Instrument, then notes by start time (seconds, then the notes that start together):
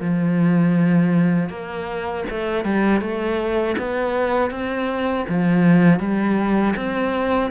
cello
0.00 F3
1.49 A#3
2.30 A3
2.65 G3
3.01 A3
3.78 B3
4.50 C4
5.28 F3
5.99 G3
6.76 C4